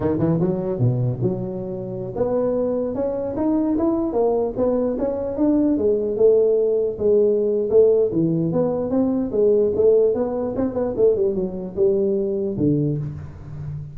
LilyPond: \new Staff \with { instrumentName = "tuba" } { \time 4/4 \tempo 4 = 148 dis8 e8 fis4 b,4 fis4~ | fis4~ fis16 b2 cis'8.~ | cis'16 dis'4 e'4 ais4 b8.~ | b16 cis'4 d'4 gis4 a8.~ |
a4~ a16 gis4.~ gis16 a4 | e4 b4 c'4 gis4 | a4 b4 c'8 b8 a8 g8 | fis4 g2 d4 | }